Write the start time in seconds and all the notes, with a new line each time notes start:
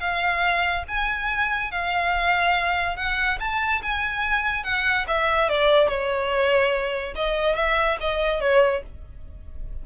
0.00 F5
0.88 G#5
1.71 F5
2.96 F#5
3.40 A5
3.82 G#5
4.64 F#5
5.08 E5
5.49 D5
5.88 C#5
7.15 D#5
7.55 E5
8.00 D#5
8.40 C#5